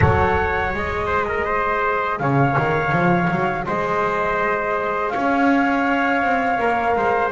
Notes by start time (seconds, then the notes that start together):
0.00 F#3 A4 C#5 F#5
0.73 G#3 G#4 D#5
1.06 C5
1.28 A#4
1.45 C5
2.18 C#3 C#5 F5
2.58 D#3
2.92 F3
3.30 F#3
3.66 G#3 C5 D#5
5.09 C#4 C#5 F5
6.21 C4
6.59 A#3 A#4
6.96 G#3 C5